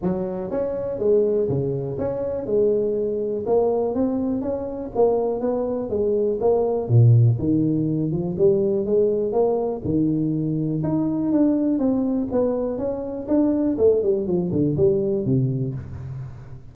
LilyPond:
\new Staff \with { instrumentName = "tuba" } { \time 4/4 \tempo 4 = 122 fis4 cis'4 gis4 cis4 | cis'4 gis2 ais4 | c'4 cis'4 ais4 b4 | gis4 ais4 ais,4 dis4~ |
dis8 f8 g4 gis4 ais4 | dis2 dis'4 d'4 | c'4 b4 cis'4 d'4 | a8 g8 f8 d8 g4 c4 | }